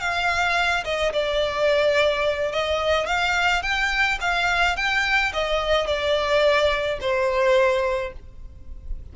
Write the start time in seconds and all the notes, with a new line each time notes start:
0.00 F5
0.85 D#5
1.13 D5
2.52 D#5
3.07 F5
3.63 G5
4.21 F5
4.77 G5
5.33 D#5
5.87 D5
7.01 C5